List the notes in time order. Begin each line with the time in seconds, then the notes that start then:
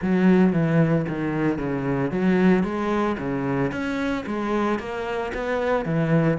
0.01 F#3
0.52 E3
1.08 D#3
1.58 C#3
2.11 F#3
2.63 G#3
3.18 C#3
3.71 C#4
4.26 G#3
4.79 A#3
5.34 B3
5.85 E3